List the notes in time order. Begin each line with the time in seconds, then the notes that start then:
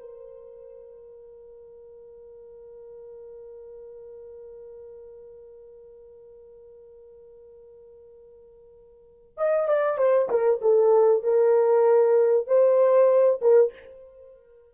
0.00 A#4
9.38 D#5
9.68 D5
9.98 C5
10.30 A#4
10.62 A4
11.23 A#4
12.47 C5
13.41 A#4